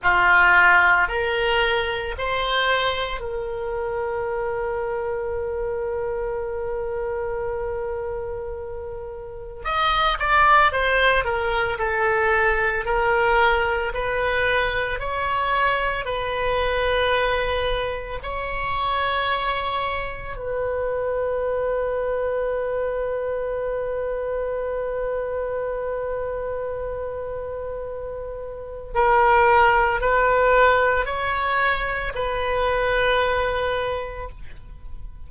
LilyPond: \new Staff \with { instrumentName = "oboe" } { \time 4/4 \tempo 4 = 56 f'4 ais'4 c''4 ais'4~ | ais'1~ | ais'4 dis''8 d''8 c''8 ais'8 a'4 | ais'4 b'4 cis''4 b'4~ |
b'4 cis''2 b'4~ | b'1~ | b'2. ais'4 | b'4 cis''4 b'2 | }